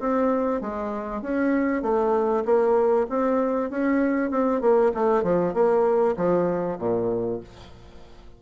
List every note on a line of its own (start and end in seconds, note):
0.00 0.62 C4
0.62 1.22 G#3
1.22 1.82 C#4
1.82 2.44 A3
2.45 3.07 A#3
3.10 3.71 C4
3.71 4.31 C#4
4.31 4.61 C4
4.61 4.92 A#3
4.95 5.24 A3
5.24 5.54 F3
5.54 6.16 A#3
6.17 6.79 F3
6.79 7.41 A#2